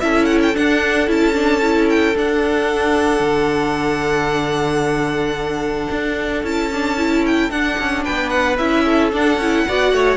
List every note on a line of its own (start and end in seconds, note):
0.00 0.56 C#4
0.00 0.54 E4
0.00 8.03 A4
0.00 0.25 E5
0.25 0.38 F#5
0.42 0.56 G5
0.54 1.07 D4
0.54 1.08 D4
0.54 1.09 F#5
1.07 2.15 C#4
1.07 1.33 E4
1.07 1.89 A5
1.33 1.60 D4
1.61 2.15 E4
1.89 2.16 G5
2.16 3.20 D4
2.16 6.44 D4
2.16 6.45 F#5
3.20 5.87 D3
5.91 6.43 D4
6.43 7.50 C#4
6.43 6.71 E4
6.43 7.25 A5
6.73 6.97 D4
6.97 7.51 E4
7.26 7.51 G5
7.50 7.77 D4
7.50 8.58 D4
7.50 8.04 F#5
7.78 8.05 C#4
8.03 8.59 B3
8.03 8.84 B4
8.03 8.29 G5
8.29 8.56 F#5
8.57 9.12 C#4
8.57 9.12 E4
8.57 9.11 E5
8.85 9.65 A4
9.12 9.39 D4
9.12 9.36 D4
9.12 10.16 F#5
9.36 9.63 C#4
9.36 9.68 E4
9.67 9.92 B3
9.67 10.16 F#4
9.67 9.93 D5
9.92 10.16 A3
9.92 10.16 C#5